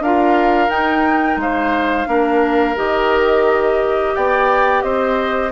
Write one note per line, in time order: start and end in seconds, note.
0.00 0.69 D4
0.00 0.69 F4
0.00 1.41 A#4
0.00 0.70 F5
0.69 1.37 D#4
0.69 2.07 D#4
0.69 1.39 G5
1.37 2.06 G#3
1.37 2.08 C5
1.37 2.77 F5
2.07 2.76 A#3
2.07 2.75 D4
2.07 4.15 A#4
2.75 4.15 D#3
2.75 5.51 G4
2.75 4.15 D#5
4.16 4.83 B3
4.16 4.84 D5
4.16 4.82 G5
4.82 5.52 C4
4.82 5.52 C5
4.82 5.51 D#5